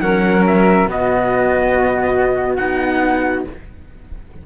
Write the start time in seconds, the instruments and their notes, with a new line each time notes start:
0.00 cello F#3 C#4, flute A#4, trumpet F#5
0.46 trumpet E5
0.85 cello B2 B3, flute F#4, trumpet D#5
2.56 cello B3 D#4, trumpet F#5